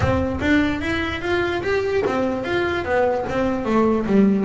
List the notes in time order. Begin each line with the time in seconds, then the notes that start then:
0.00 C4
0.41 D4
0.81 E4
1.21 F4
1.62 G4
2.06 C4
2.44 F4
2.85 B3
3.29 C4
3.65 A3
4.06 G3